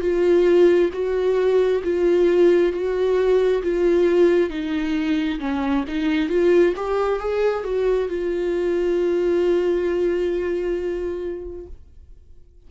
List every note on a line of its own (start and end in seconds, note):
0.00 0.90 F4
0.92 1.82 F#4
1.83 2.72 F4
2.72 3.61 F#4
3.62 4.49 F4
4.49 5.39 D#4
5.39 5.84 C#4
5.87 6.28 D#4
6.28 6.73 F4
6.76 7.19 G4
7.19 7.64 G#4
7.64 8.08 F#4
8.08 11.66 F4